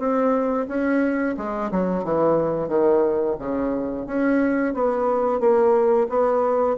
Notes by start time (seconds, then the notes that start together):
0.00 C4
0.69 C#4
1.38 G#3
1.72 F#3
2.05 E3
2.69 D#3
3.39 C#3
4.07 C#4
4.74 B3
5.40 A#3
6.10 B3